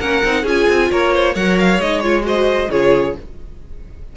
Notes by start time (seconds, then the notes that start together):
0.00 A#3 C#4 A#4 F#5
0.25 C4 D#4
0.43 C#4 F4 G#4 G#5
0.69 C4
0.91 A#3 A#4 C#5
1.14 C5
1.34 F#3 A#4 C#5 F#5
1.59 F5
1.79 G#3 D#4 D#5
2.01 F4 C#5
2.22 F#4 C5 D#5
2.71 C#3 F4 G#4 C#5